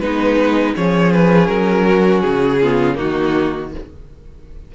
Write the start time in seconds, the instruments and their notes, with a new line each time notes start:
0.00 cello G#3, violin B3 B4, viola D#4
0.76 cello F3, viola C#4, violin G#4 C#5
1.13 violin B4
1.47 cello F#3, violin A#4
1.86 violin F#4
2.21 cello C#3, violin G#4
2.62 viola B3, violin F4
2.95 viola A#3, violin D#4 F#4
3.01 cello D#3